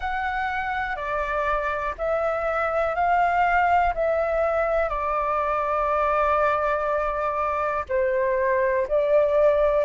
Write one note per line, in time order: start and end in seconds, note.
0.00 0.96 F#5
0.96 1.94 D5
1.98 2.95 E5
2.95 3.93 F5
3.94 4.89 E5
4.89 7.84 D5
7.88 8.87 C5
8.87 9.84 D5